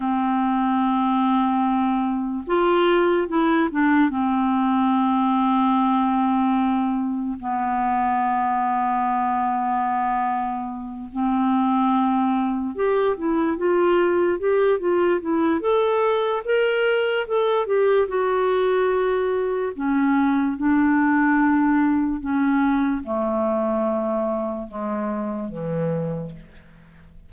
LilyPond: \new Staff \with { instrumentName = "clarinet" } { \time 4/4 \tempo 4 = 73 c'2. f'4 | e'8 d'8 c'2.~ | c'4 b2.~ | b4. c'2 g'8 |
e'8 f'4 g'8 f'8 e'8 a'4 | ais'4 a'8 g'8 fis'2 | cis'4 d'2 cis'4 | a2 gis4 e4 | }